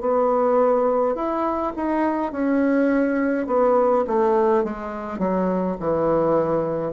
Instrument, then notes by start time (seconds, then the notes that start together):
bassoon
0.00 B3
1.15 E4
1.76 D#4
2.32 C#4
3.47 B3
4.07 A3
4.64 G#3
5.19 F#3
5.80 E3